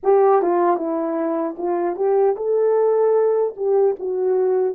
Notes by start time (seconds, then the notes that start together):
0.03 G4
0.42 F4
0.76 E4
1.57 F4
1.96 G4
2.36 A4
3.56 G4
3.99 F#4